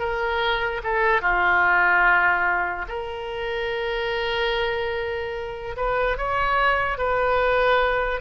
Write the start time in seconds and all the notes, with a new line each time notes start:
0.00 A#4
0.84 A4
1.22 F4
2.89 A#4
5.77 B4
6.18 C#5
6.98 B4